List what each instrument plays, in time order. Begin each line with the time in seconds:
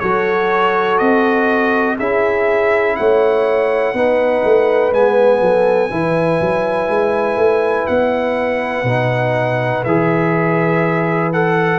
0.00 tuba F#3, trombone F#4, horn A4, trumpet C#5
0.98 tuba C4, trumpet D#5
1.97 tuba C#4, trombone E4, horn G#4, trumpet E5
2.96 tuba A3, horn C#5, trumpet F#5
3.94 tuba B3, trombone D#4, horn B4
4.44 tuba A3
4.92 tuba G#3, trombone B3, trumpet G#5
5.41 tuba F#3, horn A4
5.91 tuba E3, trombone E4, horn B4
6.41 tuba F#3
6.89 tuba G#3
7.37 tuba A3
7.87 tuba B3, trumpet F#5
8.83 tuba B2, trombone D#4
9.84 tuba E3, trombone G#4, trumpet E5
11.33 trombone A4, trumpet F#5